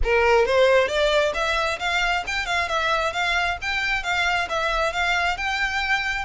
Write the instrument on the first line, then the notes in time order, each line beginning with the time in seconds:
violin
0.03 A#4
0.45 C5
0.88 D5
1.34 E5
1.79 F5
2.27 G5
2.45 F5
2.68 E5
3.13 F5
3.61 G5
4.03 F5
4.49 E5
4.93 F5
5.37 G5